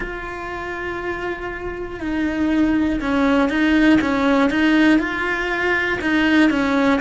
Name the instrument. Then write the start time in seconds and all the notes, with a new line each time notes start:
cello
0.00 F4
2.00 D#4
3.00 C#4
3.49 D#4
4.01 C#4
4.50 D#4
4.98 F4
6.00 D#4
6.50 C#4